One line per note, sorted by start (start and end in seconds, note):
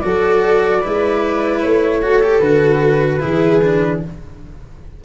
0.00 0.84 F#3
0.00 0.83 F#4
0.00 0.82 A4
0.00 1.60 D5
0.82 1.64 G#3
0.82 2.02 E4
0.82 2.02 B4
1.61 2.40 A3
1.61 2.40 C#5
2.02 2.22 F#4
2.02 3.21 A4
2.23 2.42 G4
2.40 3.20 D3
2.40 3.20 F#4
2.40 4.00 B4
3.20 4.04 E3
3.20 3.60 E4
3.20 4.01 G#4
3.63 4.03 D4